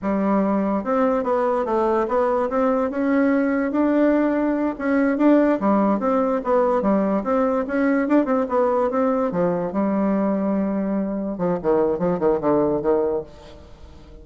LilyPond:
\new Staff \with { instrumentName = "bassoon" } { \time 4/4 \tempo 4 = 145 g2 c'4 b4 | a4 b4 c'4 cis'4~ | cis'4 d'2~ d'8 cis'8~ | cis'8 d'4 g4 c'4 b8~ |
b8 g4 c'4 cis'4 d'8 | c'8 b4 c'4 f4 g8~ | g2.~ g8 f8 | dis4 f8 dis8 d4 dis4 | }